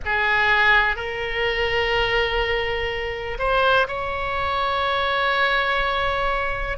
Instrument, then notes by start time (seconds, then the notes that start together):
oboe
0.05 G#4
0.96 A#4
3.38 C5
3.87 C#5